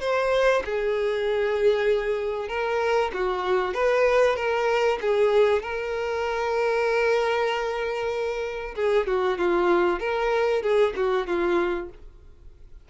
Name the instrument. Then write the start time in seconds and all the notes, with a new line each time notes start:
violin
0.00 C5
0.64 G#4
2.48 A#4
3.13 F#4
3.74 B4
4.36 A#4
5.01 G#4
5.62 A#4
8.75 G#4
9.07 F#4
9.38 F4
9.99 A#4
10.62 G#4
10.96 F#4
11.26 F4